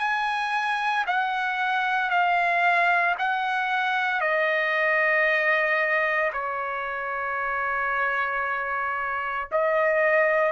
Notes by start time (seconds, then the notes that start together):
0.00 G#5
1.07 F#5
2.11 F5
3.19 F#5
4.21 D#5
6.33 C#5
9.52 D#5